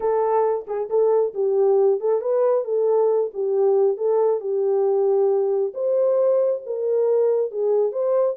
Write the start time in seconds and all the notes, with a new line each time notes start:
0.00 A4
0.67 G#4
0.89 A4
1.34 G4
2.00 A4
2.21 B4
2.64 A4
3.33 G4
3.97 A4
4.40 G4
5.74 C5
6.66 A#4
7.51 G#4
7.92 C5